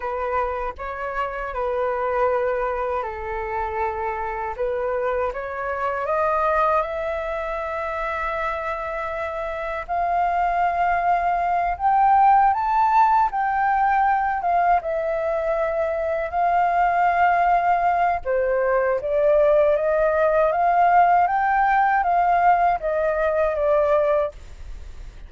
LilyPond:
\new Staff \with { instrumentName = "flute" } { \time 4/4 \tempo 4 = 79 b'4 cis''4 b'2 | a'2 b'4 cis''4 | dis''4 e''2.~ | e''4 f''2~ f''8 g''8~ |
g''8 a''4 g''4. f''8 e''8~ | e''4. f''2~ f''8 | c''4 d''4 dis''4 f''4 | g''4 f''4 dis''4 d''4 | }